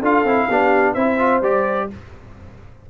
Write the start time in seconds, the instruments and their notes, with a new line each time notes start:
0.00 tuba D4, trombone F4, horn A4, trumpet F5
0.24 tuba C4, trombone E4
0.49 tuba B3, trombone D4, horn G4
0.94 tuba C4, trombone E4, horn C5, trumpet E5
1.19 trombone F4
1.42 tuba G3, trombone G4, trumpet D5